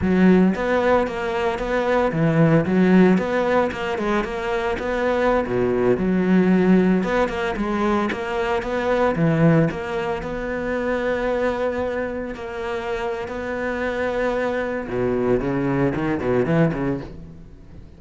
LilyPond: \new Staff \with { instrumentName = "cello" } { \time 4/4 \tempo 4 = 113 fis4 b4 ais4 b4 | e4 fis4 b4 ais8 gis8 | ais4 b4~ b16 b,4 fis8.~ | fis4~ fis16 b8 ais8 gis4 ais8.~ |
ais16 b4 e4 ais4 b8.~ | b2.~ b16 ais8.~ | ais4 b2. | b,4 cis4 dis8 b,8 e8 cis8 | }